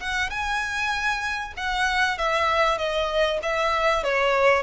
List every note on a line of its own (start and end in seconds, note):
0.00 0.30 F#5
0.30 1.54 G#5
1.57 2.18 F#5
2.18 2.78 E5
2.78 3.40 D#5
3.43 4.04 E5
4.04 4.63 C#5